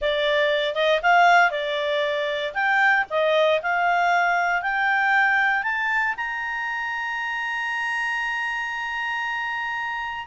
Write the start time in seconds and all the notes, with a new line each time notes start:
0.01 D5
0.74 D#5
1.02 F5
1.50 D5
2.53 G5
3.10 D#5
3.62 F5
4.62 G5
5.63 A5
6.16 A#5